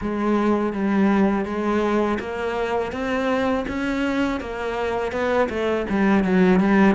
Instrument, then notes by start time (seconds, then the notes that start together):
cello
0.01 G#3
0.73 G3
1.45 G#3
2.20 A#3
2.91 C4
3.68 C#4
4.40 A#3
5.12 B3
5.49 A3
5.89 G3
6.24 F#3
6.60 G3